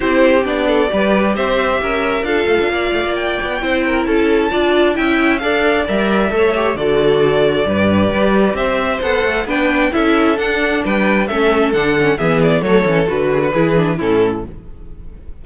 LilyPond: <<
  \new Staff \with { instrumentName = "violin" } { \time 4/4 \tempo 4 = 133 c''4 d''2 e''4~ | e''4 f''2 g''4~ | g''4 a''2 g''4 | f''4 e''2 d''4~ |
d''2. e''4 | fis''4 g''4 e''4 fis''4 | g''4 e''4 fis''4 e''8 d''8 | cis''4 b'2 a'4 | }
  \new Staff \with { instrumentName = "violin" } { \time 4/4 g'4. a'8 b'4 c''4 | ais'4 a'4 d''2 | c''8 ais'8 a'4 d''4 e''4 | d''2 cis''4 a'4~ |
a'4 b'2 c''4~ | c''4 b'4 a'2 | b'4 a'2 gis'4 | a'4. gis'16 fis'16 gis'4 e'4 | }
  \new Staff \with { instrumentName = "viola" } { \time 4/4 e'4 d'4 g'2~ | g'4 f'2. | e'2 f'4 e'4 | a'4 ais'4 a'8 g'8 fis'4~ |
fis'4 g'2. | a'4 d'4 e'4 d'4~ | d'4 cis'4 d'8 cis'8 b4 | a8 cis'8 fis'4 e'8 d'8 cis'4 | }
  \new Staff \with { instrumentName = "cello" } { \time 4/4 c'4 b4 g4 c'4 | cis'4 d'8 a16 d'16 ais8 a16 ais8. b8 | c'4 cis'4 d'4 cis'4 | d'4 g4 a4 d4~ |
d4 g,4 g4 c'4 | b8 a8 b4 cis'4 d'4 | g4 a4 d4 e4 | fis8 e8 d4 e4 a,4 | }
>>